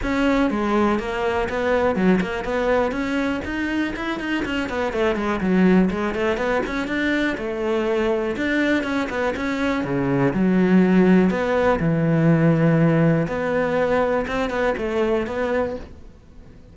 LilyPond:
\new Staff \with { instrumentName = "cello" } { \time 4/4 \tempo 4 = 122 cis'4 gis4 ais4 b4 | fis8 ais8 b4 cis'4 dis'4 | e'8 dis'8 cis'8 b8 a8 gis8 fis4 | gis8 a8 b8 cis'8 d'4 a4~ |
a4 d'4 cis'8 b8 cis'4 | cis4 fis2 b4 | e2. b4~ | b4 c'8 b8 a4 b4 | }